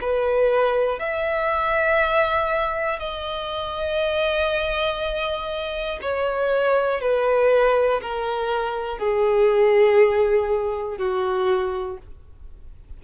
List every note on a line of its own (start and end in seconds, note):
0.00 0.99 B4
0.99 2.99 E5
2.99 5.99 D#5
6.01 7.00 C#5
7.00 8.00 B4
8.01 8.98 A#4
8.98 10.97 G#4
10.97 11.97 F#4